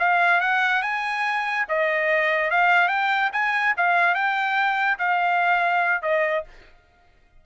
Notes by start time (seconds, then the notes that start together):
0.00 F5
0.41 F#5
0.83 G#5
1.69 D#5
2.51 F5
2.89 G5
3.33 G#5
3.77 F5
4.15 G5
4.99 F5
6.03 D#5